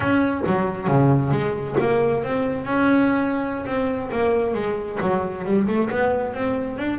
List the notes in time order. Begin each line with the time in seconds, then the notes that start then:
0.00 C#4
0.46 F#3
0.87 C#3
1.31 G#3
1.80 A#3
2.23 C4
2.65 C#4
3.66 C4
4.11 A#3
4.54 G#3
5.01 F#3
5.44 G3
5.67 A3
5.90 B3
6.34 C4
6.78 D4